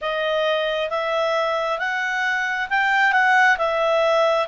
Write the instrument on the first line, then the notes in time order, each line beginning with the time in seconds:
clarinet
0.01 D#5
0.90 E5
1.78 F#5
2.69 G5
3.12 F#5
3.58 E5